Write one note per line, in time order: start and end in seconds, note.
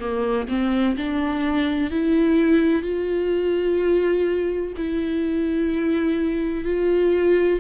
0.00 0.48 A#3
0.48 0.96 C4
0.97 1.90 D4
1.90 2.83 E4
2.83 4.73 F4
4.77 6.65 E4
6.65 7.60 F4